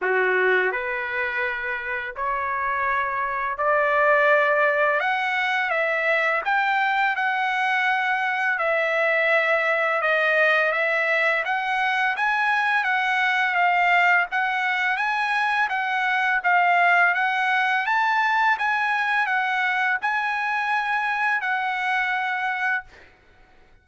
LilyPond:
\new Staff \with { instrumentName = "trumpet" } { \time 4/4 \tempo 4 = 84 fis'4 b'2 cis''4~ | cis''4 d''2 fis''4 | e''4 g''4 fis''2 | e''2 dis''4 e''4 |
fis''4 gis''4 fis''4 f''4 | fis''4 gis''4 fis''4 f''4 | fis''4 a''4 gis''4 fis''4 | gis''2 fis''2 | }